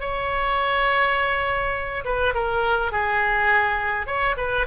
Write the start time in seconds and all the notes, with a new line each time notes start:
0.00 C#5
2.04 B4
2.34 A#4
2.92 G#4
4.06 C#5
4.37 B4